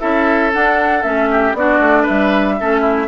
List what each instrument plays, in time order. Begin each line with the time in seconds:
0.00 bassoon C#4, clarinet E4, oboe A4, flute E5
0.54 clarinet D4, bassoon D4, flute F#5
1.03 bassoon A3, clarinet C#4, flute E5
1.31 oboe G4
1.54 bassoon B3, clarinet D4, oboe F#4, flute D5
1.80 bassoon A3
2.03 oboe B4, flute E5
2.10 bassoon G3
2.60 bassoon A3, clarinet C#4, oboe A4
2.81 oboe E4